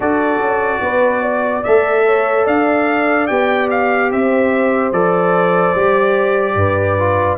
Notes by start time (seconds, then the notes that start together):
0.00 D4 F#4 A4 D5
0.38 C#4
0.80 B3 B4
1.21 D5
1.63 A3 A4 E5
2.05 C#5
2.45 D4 D5 F5
3.27 B3 G4 G5
3.70 F5
4.10 C4 C5 E5
4.91 F3 A4 D5
5.74 G3 G4
6.55 G2 B4
6.98 F4